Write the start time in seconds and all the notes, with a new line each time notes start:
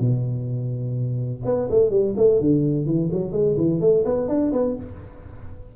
0.00 B2
1.45 B3
1.71 A3
1.91 G3
2.17 A3
2.41 D3
2.86 E3
3.12 F#3
3.32 G#3
3.58 E3
3.81 A3
4.06 B3
4.29 D4
4.53 B3